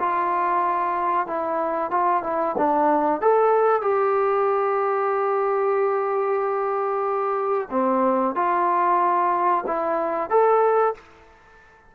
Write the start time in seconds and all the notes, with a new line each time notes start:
0.00 F4
1.27 E4
1.91 F4
2.24 E4
2.58 D4
3.22 A4
3.82 G4
7.71 C4
8.36 F4
9.67 E4
10.30 A4